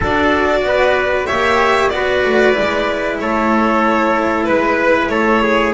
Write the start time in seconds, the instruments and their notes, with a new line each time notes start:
0.00 double bass D4, cello F#4, trumpet A4, violin D5
0.62 double bass B3, trumpet B4
1.26 double bass A#3, cello G4, trumpet C#5, violin E5
1.89 double bass B3, cello F#4, violin D5
1.95 trumpet B4
2.25 double bass A3
2.52 double bass G#3, cello E4
3.20 double bass A3, trumpet A4, violin C#5
4.44 double bass G#3, violin B4, trumpet B4
5.08 double bass A3, trumpet A4, violin C#5
5.42 trumpet G#4